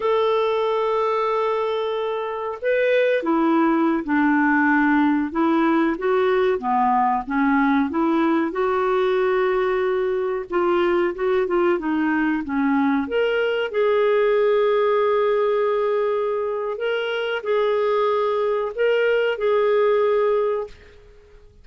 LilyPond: \new Staff \with { instrumentName = "clarinet" } { \time 4/4 \tempo 4 = 93 a'1 | b'4 e'4~ e'16 d'4.~ d'16~ | d'16 e'4 fis'4 b4 cis'8.~ | cis'16 e'4 fis'2~ fis'8.~ |
fis'16 f'4 fis'8 f'8 dis'4 cis'8.~ | cis'16 ais'4 gis'2~ gis'8.~ | gis'2 ais'4 gis'4~ | gis'4 ais'4 gis'2 | }